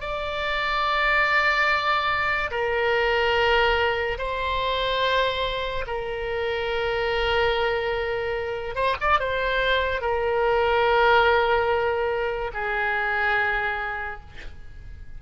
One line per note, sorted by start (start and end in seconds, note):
0.00 2.50 D5
2.51 4.17 A#4
4.18 5.85 C5
5.86 8.75 A#4
8.75 8.96 C5
9.01 9.19 D5
9.19 10.01 C5
10.01 12.51 A#4
12.54 14.20 G#4